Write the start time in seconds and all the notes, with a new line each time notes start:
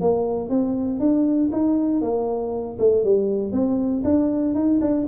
0.00 A#3
0.49 C4
0.99 D4
1.52 D#4
2.01 A#3
2.78 A3
3.04 G3
3.52 C4
4.04 D4
4.54 D#4
4.81 D4